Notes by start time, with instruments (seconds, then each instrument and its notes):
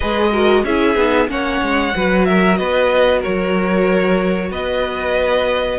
0.00 cello G#3, viola G#4, violin B4 D#5
0.32 viola F#4, violin A#4
0.63 cello C#4, viola E4, violin G#4 E5
0.95 cello B3, viola D#4
1.27 cello A#3, viola C#4, violin C#5 F#5
1.61 cello G#3
1.95 cello F#3, viola F#4, violin B4
2.25 violin A#4 E5
2.57 cello B3, violin B4 D#5
3.19 violin A#4 C#5
3.25 cello F#3
4.50 cello B3, violin B4 D#5